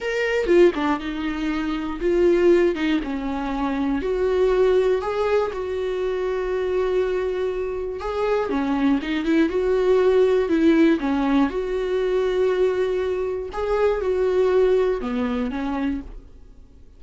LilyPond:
\new Staff \with { instrumentName = "viola" } { \time 4/4 \tempo 4 = 120 ais'4 f'8 d'8 dis'2 | f'4. dis'8 cis'2 | fis'2 gis'4 fis'4~ | fis'1 |
gis'4 cis'4 dis'8 e'8 fis'4~ | fis'4 e'4 cis'4 fis'4~ | fis'2. gis'4 | fis'2 b4 cis'4 | }